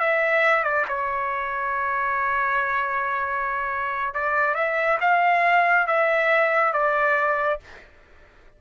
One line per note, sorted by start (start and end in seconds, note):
0.00 0.64 E5
0.64 0.86 D5
0.88 4.14 C#5
4.14 4.55 D5
4.55 4.98 E5
5.01 5.87 F5
5.87 6.73 E5
6.73 7.60 D5